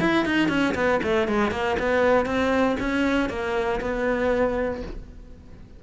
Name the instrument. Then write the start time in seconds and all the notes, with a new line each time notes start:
cello
0.00 E4
0.25 D#4
0.48 C#4
0.74 B3
1.03 A3
1.27 G#3
1.51 A#3
1.79 B3
2.25 C4
2.79 C#4
3.29 A#3
3.80 B3